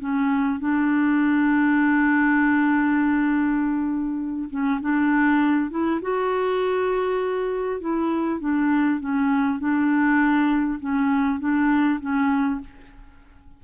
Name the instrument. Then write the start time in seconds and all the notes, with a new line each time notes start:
clarinet
0.00 C#4
0.60 D4
4.50 C#4
4.81 D4
5.71 E4
6.02 F#4
7.81 E4
8.40 D4
9.01 C#4
9.60 D4
10.80 C#4
11.40 D4
12.01 C#4